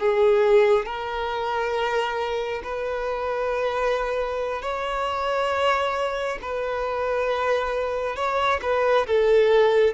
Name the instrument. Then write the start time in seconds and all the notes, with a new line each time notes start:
violin
0.00 G#4
0.86 A#4
2.64 B4
4.62 C#5
6.42 B4
8.16 C#5
8.62 B4
9.07 A4